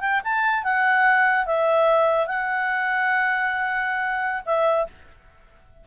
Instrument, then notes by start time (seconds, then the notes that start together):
clarinet
0.00 G5
0.24 A5
0.63 F#5
1.46 E5
2.27 F#5
4.45 E5